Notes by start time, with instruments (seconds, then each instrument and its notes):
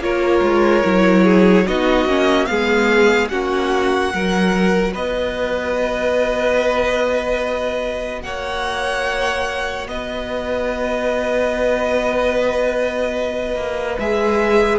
0.00 cello A#3, viola F4, violin A#4 C#5
0.42 cello G#3
0.84 cello F#3, viola E4
1.24 violin G#4
1.67 cello B3, viola D#4, violin F#4 D#5
2.06 cello A#3, viola C#4
2.46 cello G#3, viola B3, violin G#4 F5
3.29 cello A#3, viola C#4, violin F#4 F#5
4.11 cello F#3, viola F#4, violin A#4
4.93 cello B3, violin B4 D#5
8.22 cello A#3, violin C#5 F#5
9.87 cello B3, violin B4 D#5
13.56 cello A#3
13.99 cello G#3, viola G#4, violin E5